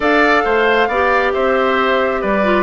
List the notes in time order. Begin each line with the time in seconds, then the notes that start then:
0.00 D4 A4 D5 F5
0.44 A3 C5
0.88 B3 G4 D5
1.33 C4 C5 E5
2.21 G3 B4 D5
2.44 F4